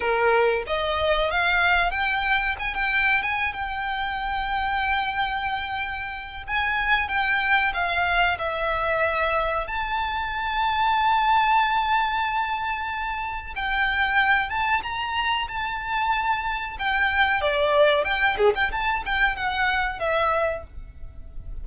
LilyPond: \new Staff \with { instrumentName = "violin" } { \time 4/4 \tempo 4 = 93 ais'4 dis''4 f''4 g''4 | gis''16 g''8. gis''8 g''2~ g''8~ | g''2 gis''4 g''4 | f''4 e''2 a''4~ |
a''1~ | a''4 g''4. a''8 ais''4 | a''2 g''4 d''4 | g''8 gis'16 g''16 a''8 g''8 fis''4 e''4 | }